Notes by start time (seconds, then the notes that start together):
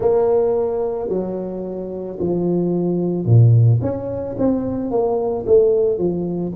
0.00 A#3
1.09 F#3
2.19 F3
3.25 A#2
3.81 C#4
4.38 C4
4.90 A#3
5.46 A3
5.98 F3